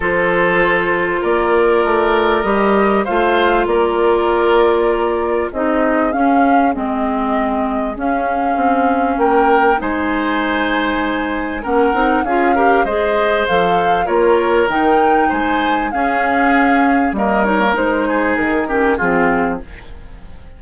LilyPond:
<<
  \new Staff \with { instrumentName = "flute" } { \time 4/4 \tempo 4 = 98 c''2 d''2 | dis''4 f''4 d''2~ | d''4 dis''4 f''4 dis''4~ | dis''4 f''2 g''4 |
gis''2. fis''4 | f''4 dis''4 f''4 cis''4 | g''4 gis''4 f''2 | dis''8 cis''8 c''4 ais'4 gis'4 | }
  \new Staff \with { instrumentName = "oboe" } { \time 4/4 a'2 ais'2~ | ais'4 c''4 ais'2~ | ais'4 gis'2.~ | gis'2. ais'4 |
c''2. ais'4 | gis'8 ais'8 c''2 ais'4~ | ais'4 c''4 gis'2 | ais'4. gis'4 g'8 f'4 | }
  \new Staff \with { instrumentName = "clarinet" } { \time 4/4 f'1 | g'4 f'2.~ | f'4 dis'4 cis'4 c'4~ | c'4 cis'2. |
dis'2. cis'8 dis'8 | f'8 g'8 gis'4 a'4 f'4 | dis'2 cis'2 | ais8 dis'16 ais16 dis'4. cis'8 c'4 | }
  \new Staff \with { instrumentName = "bassoon" } { \time 4/4 f2 ais4 a4 | g4 a4 ais2~ | ais4 c'4 cis'4 gis4~ | gis4 cis'4 c'4 ais4 |
gis2. ais8 c'8 | cis'4 gis4 f4 ais4 | dis4 gis4 cis'2 | g4 gis4 dis4 f4 | }
>>